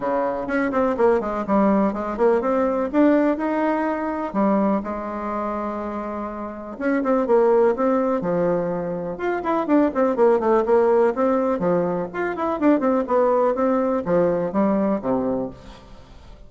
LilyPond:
\new Staff \with { instrumentName = "bassoon" } { \time 4/4 \tempo 4 = 124 cis4 cis'8 c'8 ais8 gis8 g4 | gis8 ais8 c'4 d'4 dis'4~ | dis'4 g4 gis2~ | gis2 cis'8 c'8 ais4 |
c'4 f2 f'8 e'8 | d'8 c'8 ais8 a8 ais4 c'4 | f4 f'8 e'8 d'8 c'8 b4 | c'4 f4 g4 c4 | }